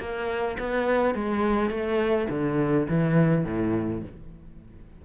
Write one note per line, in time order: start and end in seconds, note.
0.00 0.58 A#3
0.59 1.15 B3
1.15 1.70 G#3
1.70 2.28 A3
2.30 2.87 D3
2.89 3.45 E3
3.45 4.02 A2